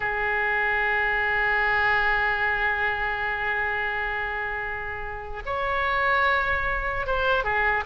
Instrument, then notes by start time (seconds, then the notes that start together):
oboe
0.00 G#4
5.45 C#5
7.06 C5
7.43 G#4